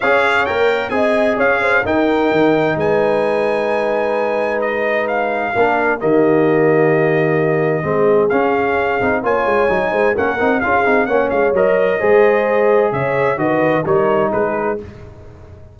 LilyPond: <<
  \new Staff \with { instrumentName = "trumpet" } { \time 4/4 \tempo 4 = 130 f''4 g''4 gis''4 f''4 | g''2 gis''2~ | gis''2 dis''4 f''4~ | f''4 dis''2.~ |
dis''2 f''2 | gis''2 fis''4 f''4 | fis''8 f''8 dis''2. | e''4 dis''4 cis''4 b'4 | }
  \new Staff \with { instrumentName = "horn" } { \time 4/4 cis''2 dis''4 cis''8 c''8 | ais'2 b'2~ | b'1 | ais'4 g'2.~ |
g'4 gis'2. | cis''4. c''8 ais'4 gis'4 | cis''2 c''2 | cis''4 b'4 ais'4 gis'4 | }
  \new Staff \with { instrumentName = "trombone" } { \time 4/4 gis'4 ais'4 gis'2 | dis'1~ | dis'1 | d'4 ais2.~ |
ais4 c'4 cis'4. dis'8 | f'4 dis'4 cis'8 dis'8 f'8 dis'8 | cis'4 ais'4 gis'2~ | gis'4 fis'4 dis'2 | }
  \new Staff \with { instrumentName = "tuba" } { \time 4/4 cis'4 ais4 c'4 cis'4 | dis'4 dis4 gis2~ | gis1 | ais4 dis2.~ |
dis4 gis4 cis'4. c'8 | ais8 gis8 fis8 gis8 ais8 c'8 cis'8 c'8 | ais8 gis8 fis4 gis2 | cis4 dis4 g4 gis4 | }
>>